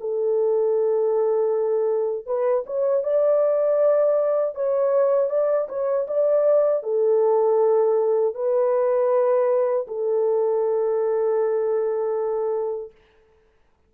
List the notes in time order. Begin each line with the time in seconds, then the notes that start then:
0.00 A4
2.26 B4
2.66 C#5
3.03 D5
4.54 C#5
5.30 D5
5.68 C#5
6.07 D5
6.83 A4
8.34 B4
9.87 A4